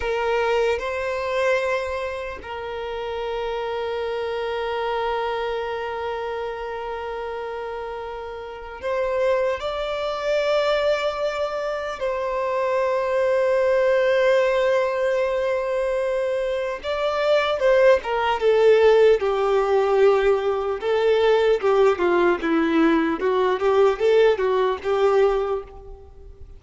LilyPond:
\new Staff \with { instrumentName = "violin" } { \time 4/4 \tempo 4 = 75 ais'4 c''2 ais'4~ | ais'1~ | ais'2. c''4 | d''2. c''4~ |
c''1~ | c''4 d''4 c''8 ais'8 a'4 | g'2 a'4 g'8 f'8 | e'4 fis'8 g'8 a'8 fis'8 g'4 | }